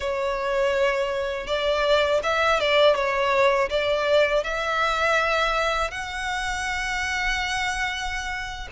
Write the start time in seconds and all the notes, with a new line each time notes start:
0.00 C#5
1.46 D5
2.23 E5
2.59 D5
2.95 C#5
3.69 D5
4.43 E5
5.90 F#5